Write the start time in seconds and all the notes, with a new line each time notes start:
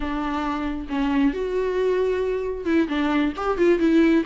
0.00 D4
0.89 C#4
1.33 F#4
2.65 E4
2.88 D4
3.36 G4
3.57 F4
3.79 E4